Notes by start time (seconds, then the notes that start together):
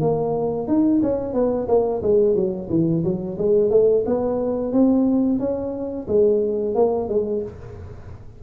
0.00 A#3
0.67 D#4
1.02 C#4
1.34 B3
1.68 A#3
2.02 G#3
2.35 F#3
2.70 E3
3.04 F#3
3.38 G#3
3.70 A3
4.06 B3
4.72 C4
5.39 C#4
6.07 G#3
6.75 A#3
7.08 G#3